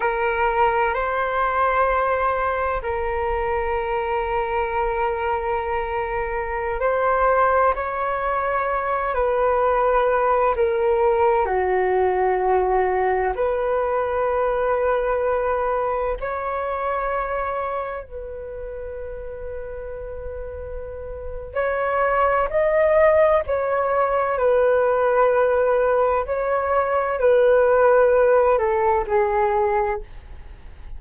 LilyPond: \new Staff \with { instrumentName = "flute" } { \time 4/4 \tempo 4 = 64 ais'4 c''2 ais'4~ | ais'2.~ ais'16 c''8.~ | c''16 cis''4. b'4. ais'8.~ | ais'16 fis'2 b'4.~ b'16~ |
b'4~ b'16 cis''2 b'8.~ | b'2. cis''4 | dis''4 cis''4 b'2 | cis''4 b'4. a'8 gis'4 | }